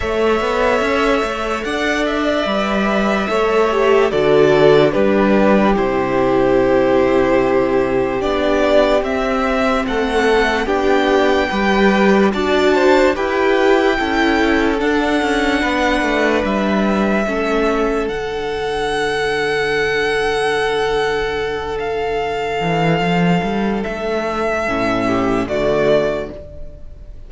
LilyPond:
<<
  \new Staff \with { instrumentName = "violin" } { \time 4/4 \tempo 4 = 73 e''2 fis''8 e''4.~ | e''4 d''4 b'4 c''4~ | c''2 d''4 e''4 | fis''4 g''2 a''4 |
g''2 fis''2 | e''2 fis''2~ | fis''2~ fis''8 f''4.~ | f''4 e''2 d''4 | }
  \new Staff \with { instrumentName = "violin" } { \time 4/4 cis''2 d''2 | cis''4 a'4 g'2~ | g'1 | a'4 g'4 b'4 d''8 c''8 |
b'4 a'2 b'4~ | b'4 a'2.~ | a'1~ | a'2~ a'8 g'8 fis'4 | }
  \new Staff \with { instrumentName = "viola" } { \time 4/4 a'2. b'4 | a'8 g'8 fis'4 d'4 e'4~ | e'2 d'4 c'4~ | c'4 d'4 g'4 fis'4 |
g'4 e'4 d'2~ | d'4 cis'4 d'2~ | d'1~ | d'2 cis'4 a4 | }
  \new Staff \with { instrumentName = "cello" } { \time 4/4 a8 b8 cis'8 a8 d'4 g4 | a4 d4 g4 c4~ | c2 b4 c'4 | a4 b4 g4 d'4 |
e'4 cis'4 d'8 cis'8 b8 a8 | g4 a4 d2~ | d2.~ d8 e8 | f8 g8 a4 a,4 d4 | }
>>